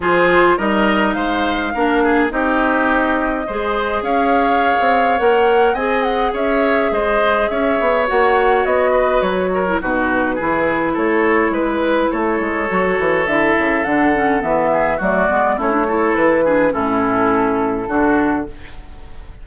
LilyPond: <<
  \new Staff \with { instrumentName = "flute" } { \time 4/4 \tempo 4 = 104 c''4 dis''4 f''2 | dis''2. f''4~ | f''4 fis''4 gis''8 fis''8 e''4 | dis''4 e''4 fis''4 dis''4 |
cis''4 b'2 cis''4 | b'4 cis''2 e''4 | fis''4 e''4 d''4 cis''4 | b'4 a'2. | }
  \new Staff \with { instrumentName = "oboe" } { \time 4/4 gis'4 ais'4 c''4 ais'8 gis'8 | g'2 c''4 cis''4~ | cis''2 dis''4 cis''4 | c''4 cis''2~ cis''8 b'8~ |
b'8 ais'8 fis'4 gis'4 a'4 | b'4 a'2.~ | a'4. gis'8 fis'4 e'8 a'8~ | a'8 gis'8 e'2 fis'4 | }
  \new Staff \with { instrumentName = "clarinet" } { \time 4/4 f'4 dis'2 d'4 | dis'2 gis'2~ | gis'4 ais'4 gis'2~ | gis'2 fis'2~ |
fis'8. e'16 dis'4 e'2~ | e'2 fis'4 e'4 | d'8 cis'8 b4 a8 b8 cis'16 d'16 e'8~ | e'8 d'8 cis'2 d'4 | }
  \new Staff \with { instrumentName = "bassoon" } { \time 4/4 f4 g4 gis4 ais4 | c'2 gis4 cis'4~ | cis'16 c'8. ais4 c'4 cis'4 | gis4 cis'8 b8 ais4 b4 |
fis4 b,4 e4 a4 | gis4 a8 gis8 fis8 e8 d8 cis8 | d4 e4 fis8 gis8 a4 | e4 a,2 d4 | }
>>